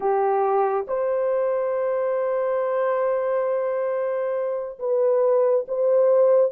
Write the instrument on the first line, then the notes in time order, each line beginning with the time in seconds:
horn
0.00 G4
0.87 C5
4.79 B4
5.68 C5